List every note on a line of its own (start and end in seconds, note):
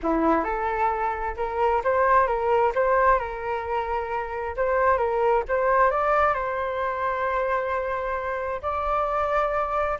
0.02 0.44 E4
0.44 1.35 A4
1.37 1.82 A#4
1.84 2.27 C5
2.27 2.72 A#4
2.74 3.19 C5
3.19 4.55 A#4
4.56 4.97 C5
4.97 5.43 A#4
5.48 5.90 C5
5.90 6.33 D5
6.33 8.61 C5
8.62 9.98 D5